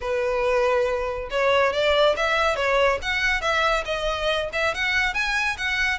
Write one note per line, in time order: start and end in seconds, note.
0.00 1.29 B4
1.30 1.73 C#5
1.73 2.15 D5
2.16 2.55 E5
2.55 2.98 C#5
3.02 3.41 F#5
3.41 3.84 E5
3.85 4.49 D#5
4.53 4.74 E5
4.74 5.14 F#5
5.14 5.57 G#5
5.57 5.98 F#5